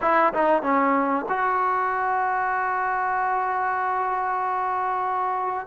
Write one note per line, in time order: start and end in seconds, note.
0.01 0.33 E4
0.33 0.62 D#4
0.62 1.25 C#4
1.29 5.66 F#4